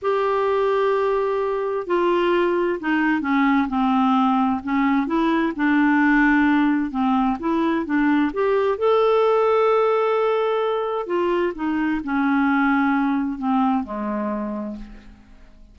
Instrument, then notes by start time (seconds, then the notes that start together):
clarinet
0.02 G4
1.87 F4
2.80 D#4
3.21 C#4
3.68 C4
4.63 C#4
5.06 E4
5.56 D4
6.90 C4
7.39 E4
7.85 D4
8.33 G4
8.77 A4
11.06 F4
11.55 D#4
12.03 C#4
13.38 C4
13.83 G#3